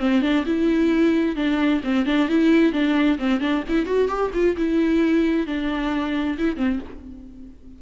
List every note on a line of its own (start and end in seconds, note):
0.00 0.22 C4
0.22 0.45 D4
0.46 1.36 E4
1.36 1.82 D4
1.84 2.06 C4
2.06 2.29 D4
2.29 2.73 E4
2.73 3.19 D4
3.19 3.41 C4
3.41 3.64 D4
3.69 3.86 E4
3.86 4.08 F#4
4.08 4.31 G4
4.34 4.57 F4
4.57 5.47 E4
5.47 6.38 D4
6.39 6.57 E4
6.57 6.80 C4